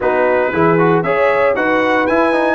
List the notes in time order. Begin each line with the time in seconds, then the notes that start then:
0.00 B3 D#4 F#4 B4
0.52 E3 E4 G#4
0.78 F#4
1.02 C#4 G#4 C#5 E5
1.55 D#4 F#4 B4 F#5
2.06 E4 G#5
2.32 D#4